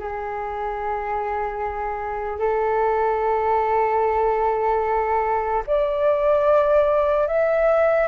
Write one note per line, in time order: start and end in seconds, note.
0.00 2.40 G#4
2.40 5.64 A4
5.67 7.28 D5
7.28 8.08 E5